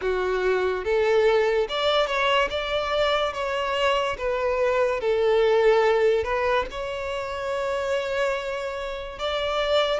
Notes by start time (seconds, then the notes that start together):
0.01 F#4
0.84 A4
1.69 D5
2.06 C#5
2.50 D5
3.33 C#5
4.17 B4
5.00 A4
6.23 B4
6.70 C#5
9.19 D5